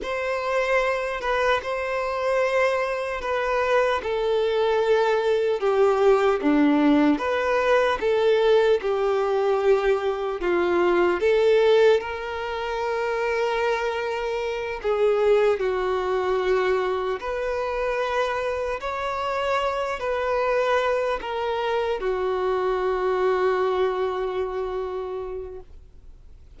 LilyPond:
\new Staff \with { instrumentName = "violin" } { \time 4/4 \tempo 4 = 75 c''4. b'8 c''2 | b'4 a'2 g'4 | d'4 b'4 a'4 g'4~ | g'4 f'4 a'4 ais'4~ |
ais'2~ ais'8 gis'4 fis'8~ | fis'4. b'2 cis''8~ | cis''4 b'4. ais'4 fis'8~ | fis'1 | }